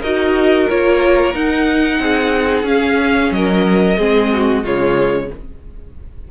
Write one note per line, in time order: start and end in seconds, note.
0.00 0.69 D#4
0.00 0.69 F#4
0.00 1.98 A#4
0.00 0.69 D#5
0.69 1.34 A#3
0.69 1.33 F4
0.69 1.35 C#5
1.33 2.65 D#4
1.33 1.99 D#4
1.33 2.67 F#5
1.99 2.63 C4
1.99 3.34 G#4
2.63 3.29 C#4
2.63 3.96 C#4
2.63 3.32 F5
3.31 3.97 F#3
3.31 3.98 A#4
3.31 4.64 D#5
3.98 4.64 G#3
3.98 4.64 C4
3.98 4.31 G#4
4.33 4.64 F#4
4.64 5.30 C#3
4.64 5.30 G#3
4.64 5.30 F4
4.64 5.31 C#5